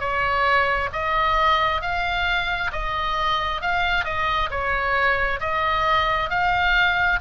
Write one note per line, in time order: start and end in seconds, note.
0.00 0.90 C#5
0.92 1.82 D#5
1.82 2.71 F5
2.72 3.61 D#5
3.61 4.05 F5
4.05 4.49 D#5
4.50 5.40 C#5
5.40 6.30 D#5
6.30 7.19 F5